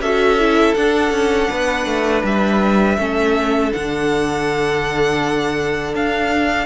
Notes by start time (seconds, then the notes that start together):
0.00 C#4 F#4 A4 E5
0.39 E4
0.75 D4 F#5
1.11 C#4
1.51 B3 B4
1.86 A3
2.23 G3 E5
2.98 A3 C#4 A4
3.72 D3 D4 F#5
5.94 D4 F5